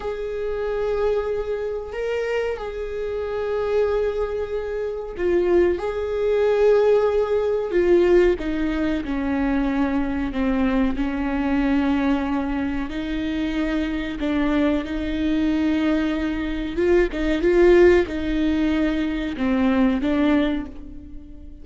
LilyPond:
\new Staff \with { instrumentName = "viola" } { \time 4/4 \tempo 4 = 93 gis'2. ais'4 | gis'1 | f'4 gis'2. | f'4 dis'4 cis'2 |
c'4 cis'2. | dis'2 d'4 dis'4~ | dis'2 f'8 dis'8 f'4 | dis'2 c'4 d'4 | }